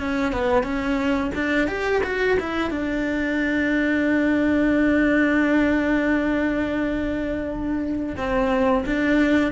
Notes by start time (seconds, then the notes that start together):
0.00 C#4
0.33 B3
0.63 C#4
1.35 D4
1.68 G4
2.04 F#4
2.40 E4
2.71 D4
8.17 C4
8.86 D4